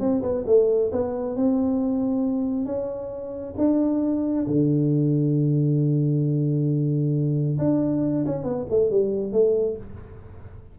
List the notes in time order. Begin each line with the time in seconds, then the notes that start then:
0.00 C4
0.22 B3
0.47 A3
0.92 B3
1.36 C4
2.66 C#4
3.58 D4
4.47 D3
7.58 D4
8.26 C#4
8.44 B3
8.70 A3
8.91 G3
9.33 A3